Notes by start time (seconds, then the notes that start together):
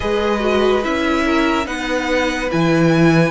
0.00 G#3 G#4 B4 D#5
0.39 F#4
0.83 C#4 E4 E5
1.24 A#4
1.65 B3 D#4 B4 F#5
2.50 E3 E4 G#5